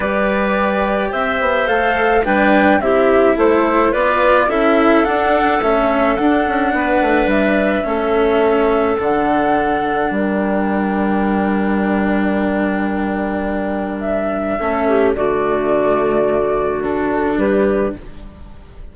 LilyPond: <<
  \new Staff \with { instrumentName = "flute" } { \time 4/4 \tempo 4 = 107 d''2 e''4 f''4 | g''4 e''4 c''4 d''4 | e''4 fis''4 e''4 fis''4~ | fis''4 e''2. |
fis''2 g''2~ | g''1~ | g''4 e''2 d''4~ | d''2 a'4 b'4 | }
  \new Staff \with { instrumentName = "clarinet" } { \time 4/4 b'2 c''2 | b'4 g'4 a'4 b'4 | a'1 | b'2 a'2~ |
a'2 ais'2~ | ais'1~ | ais'2 a'8 g'8 fis'4~ | fis'2. g'4 | }
  \new Staff \with { instrumentName = "cello" } { \time 4/4 g'2. a'4 | d'4 e'2 f'4 | e'4 d'4 cis'4 d'4~ | d'2 cis'2 |
d'1~ | d'1~ | d'2 cis'4 a4~ | a2 d'2 | }
  \new Staff \with { instrumentName = "bassoon" } { \time 4/4 g2 c'8 b8 a4 | g4 c'4 a4 b4 | cis'4 d'4 a4 d'8 cis'8 | b8 a8 g4 a2 |
d2 g2~ | g1~ | g2 a4 d4~ | d2. g4 | }
>>